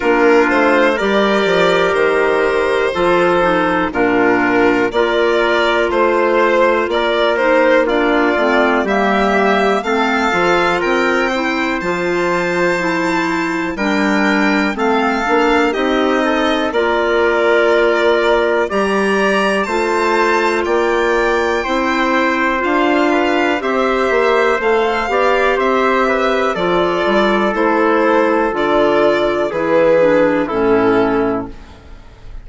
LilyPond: <<
  \new Staff \with { instrumentName = "violin" } { \time 4/4 \tempo 4 = 61 ais'8 c''8 d''4 c''2 | ais'4 d''4 c''4 d''8 c''8 | d''4 e''4 f''4 g''4 | a''2 g''4 f''4 |
dis''4 d''2 ais''4 | a''4 g''2 f''4 | e''4 f''4 e''4 d''4 | c''4 d''4 b'4 a'4 | }
  \new Staff \with { instrumentName = "trumpet" } { \time 4/4 f'4 ais'2 a'4 | f'4 ais'4 c''4 ais'4 | f'4 g'4 a'4 ais'8 c''8~ | c''2 ais'4 a'4 |
g'8 a'8 ais'2 d''4 | c''4 d''4 c''4. b'8 | c''4. d''8 c''8 b'8 a'4~ | a'2 gis'4 e'4 | }
  \new Staff \with { instrumentName = "clarinet" } { \time 4/4 d'4 g'2 f'8 dis'8 | d'4 f'2~ f'8 dis'8 | d'8 c'8 ais4 c'8 f'4 e'8 | f'4 e'4 d'4 c'8 d'8 |
dis'4 f'2 g'4 | f'2 e'4 f'4 | g'4 a'8 g'4. f'4 | e'4 f'4 e'8 d'8 cis'4 | }
  \new Staff \with { instrumentName = "bassoon" } { \time 4/4 ais8 a8 g8 f8 dis4 f4 | ais,4 ais4 a4 ais4~ | ais8 a8 g4 a8 f8 c'4 | f2 g4 a8 ais8 |
c'4 ais2 g4 | a4 ais4 c'4 d'4 | c'8 ais8 a8 b8 c'4 f8 g8 | a4 d4 e4 a,4 | }
>>